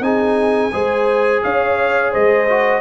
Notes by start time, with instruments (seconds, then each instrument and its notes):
0.00 tuba C4, trombone D#4, horn G#4, trumpet G#5
0.72 tuba G#3, trombone G#4, horn C5
1.43 tuba C#4, horn C#5, trumpet F5
2.11 tuba G#3, horn C5, trumpet D#5
2.49 trombone F#4